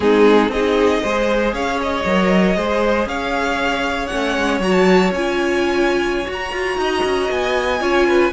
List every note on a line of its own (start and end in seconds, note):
0.00 0.48 G#3
0.00 0.49 C4
0.00 0.52 D#4
0.00 0.51 G#4
0.48 1.00 C4
0.48 1.02 G#4
0.48 1.53 D#5
0.55 1.04 D#4
1.02 1.53 G#3
1.02 2.06 G#4
1.02 1.54 C5
1.53 2.04 C#4
1.53 2.56 C#5
1.53 1.79 F5
1.82 3.08 D#5
2.05 2.56 F#3
2.05 2.57 A#4
2.56 3.06 G#3
2.56 4.11 G#4
2.56 3.08 C5
3.06 4.08 C#4
3.06 6.80 C#5
3.06 4.07 F5
4.07 4.36 A3
4.07 4.61 C#4
4.07 4.58 F#5
4.36 4.59 G#3
4.59 5.10 F#3
4.59 5.12 F#4
4.59 4.72 A#5
4.72 5.10 A5
5.10 6.26 C#4
5.10 6.24 F4
5.10 6.29 G#5
6.24 7.78 F#4
6.24 6.52 F#4
6.32 7.30 A#5
6.52 6.77 F4
6.77 7.03 D#4
6.77 7.81 D#5
7.03 7.29 C#4
7.30 7.81 B3
7.30 8.32 G#5
7.80 8.32 C#4
7.80 8.32 F4
7.80 8.07 C#5
8.07 8.32 B4